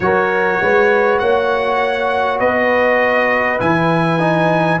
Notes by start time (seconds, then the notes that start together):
0.00 F#3 F#4 A#4 C#5
0.61 G#3 B4
1.19 A#3 C#5 F#5
2.39 B3 B4 D#5
3.59 E3 E4 G#5
4.19 D#4